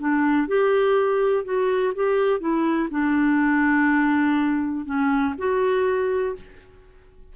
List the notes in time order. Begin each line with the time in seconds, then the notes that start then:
0.00 D4
0.48 G4
1.45 F#4
1.95 G4
2.40 E4
2.91 D4
4.86 C#4
5.38 F#4